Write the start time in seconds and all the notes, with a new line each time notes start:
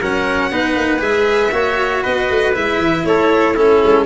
0.00 F#3 C#4 A#4 F#5
0.51 B3 D#4 B4
0.76 A#3
0.98 G#3 G#4 E5
1.51 A#3 F#4 C#5
2.02 B3 B4 D#5
2.29 A3
2.53 G#3 E4 E5
2.78 E3
3.04 A3 A4 C#5
3.54 C#4 E4 A4
3.83 G#3